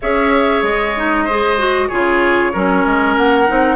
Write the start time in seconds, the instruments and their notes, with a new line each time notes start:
0.01 bassoon C#4, clarinet G#4, oboe C#5, flute E5
0.62 bassoon G#3, flute D#5
0.97 clarinet D#4
1.24 clarinet G#4, oboe C5
1.58 clarinet F#4
1.88 bassoon C#3, clarinet F4, oboe G#4, flute C#5
2.52 bassoon F#3, clarinet C#4, oboe A#4
2.85 bassoon G#3
3.16 bassoon A#3, flute F#5
3.47 bassoon C4, clarinet D#4